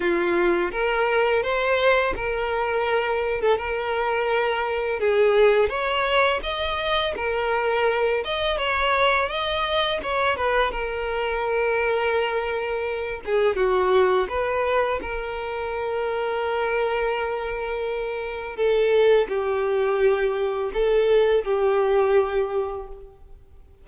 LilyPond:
\new Staff \with { instrumentName = "violin" } { \time 4/4 \tempo 4 = 84 f'4 ais'4 c''4 ais'4~ | ais'8. a'16 ais'2 gis'4 | cis''4 dis''4 ais'4. dis''8 | cis''4 dis''4 cis''8 b'8 ais'4~ |
ais'2~ ais'8 gis'8 fis'4 | b'4 ais'2.~ | ais'2 a'4 g'4~ | g'4 a'4 g'2 | }